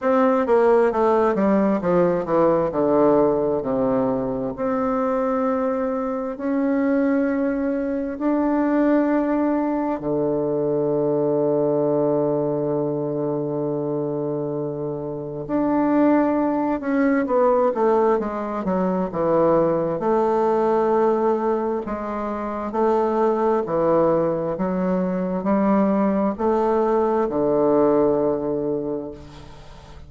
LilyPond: \new Staff \with { instrumentName = "bassoon" } { \time 4/4 \tempo 4 = 66 c'8 ais8 a8 g8 f8 e8 d4 | c4 c'2 cis'4~ | cis'4 d'2 d4~ | d1~ |
d4 d'4. cis'8 b8 a8 | gis8 fis8 e4 a2 | gis4 a4 e4 fis4 | g4 a4 d2 | }